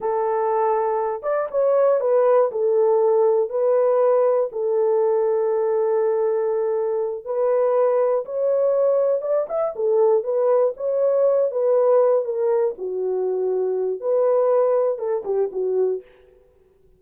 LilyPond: \new Staff \with { instrumentName = "horn" } { \time 4/4 \tempo 4 = 120 a'2~ a'8 d''8 cis''4 | b'4 a'2 b'4~ | b'4 a'2.~ | a'2~ a'8 b'4.~ |
b'8 cis''2 d''8 e''8 a'8~ | a'8 b'4 cis''4. b'4~ | b'8 ais'4 fis'2~ fis'8 | b'2 a'8 g'8 fis'4 | }